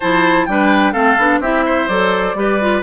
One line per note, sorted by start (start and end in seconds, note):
0.00 0.47 F3
0.00 0.48 E4
0.00 0.45 C5
0.00 0.45 A5
0.45 0.94 G3
0.45 0.94 D4
0.45 0.92 B4
0.45 0.92 G5
0.92 1.18 A3
0.92 1.17 C4
0.92 1.39 A4
0.92 1.40 F5
1.18 1.40 B3
1.18 1.42 D4
1.40 1.87 C4
1.40 1.90 E4
1.40 1.65 G4
1.40 1.88 E5
1.65 2.36 C5
1.88 2.34 F#3
1.88 2.36 A4
1.88 2.82 D5
2.34 2.81 G3
2.34 2.59 G4
2.34 2.82 B4
2.60 2.82 F4